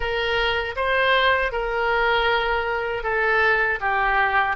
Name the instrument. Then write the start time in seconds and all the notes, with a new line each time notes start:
oboe
0.00 A#4
0.76 C5
1.52 A#4
3.03 A4
3.80 G4